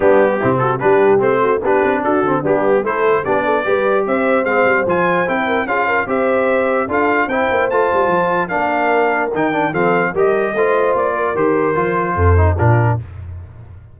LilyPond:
<<
  \new Staff \with { instrumentName = "trumpet" } { \time 4/4 \tempo 4 = 148 g'4. a'8 b'4 c''4 | b'4 a'4 g'4 c''4 | d''2 e''4 f''4 | gis''4 g''4 f''4 e''4~ |
e''4 f''4 g''4 a''4~ | a''4 f''2 g''4 | f''4 dis''2 d''4 | c''2. ais'4 | }
  \new Staff \with { instrumentName = "horn" } { \time 4/4 d'4 e'8 fis'8 g'4. fis'8 | g'4 fis'4 d'4 a'4 | g'8 a'8 b'4 c''2~ | c''4. ais'8 gis'8 ais'8 c''4~ |
c''4 a'4 c''2~ | c''4 ais'2. | a'4 ais'4 c''4. ais'8~ | ais'2 a'4 f'4 | }
  \new Staff \with { instrumentName = "trombone" } { \time 4/4 b4 c'4 d'4 c'4 | d'4. c'8 b4 e'4 | d'4 g'2 c'4 | f'4 e'4 f'4 g'4~ |
g'4 f'4 e'4 f'4~ | f'4 d'2 dis'8 d'8 | c'4 g'4 f'2 | g'4 f'4. dis'8 d'4 | }
  \new Staff \with { instrumentName = "tuba" } { \time 4/4 g4 c4 g4 a4 | b8 c'8 d'8 d8 g4 a4 | b4 g4 c'4 gis8 g8 | f4 c'4 cis'4 c'4~ |
c'4 d'4 c'8 ais8 a8 g8 | f4 ais2 dis4 | f4 g4 a4 ais4 | dis4 f4 f,4 ais,4 | }
>>